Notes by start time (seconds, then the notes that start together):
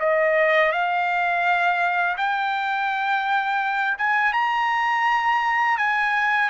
0.00 D#5
0.72 F5
2.18 G5
3.98 G#5
4.33 A#5
5.78 G#5